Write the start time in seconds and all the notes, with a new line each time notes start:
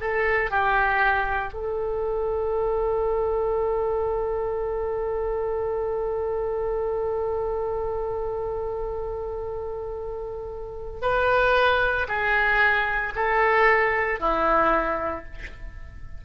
0.00 A4
0.50 G4
1.53 A4
11.01 B4
12.08 G#4
13.15 A4
14.19 E4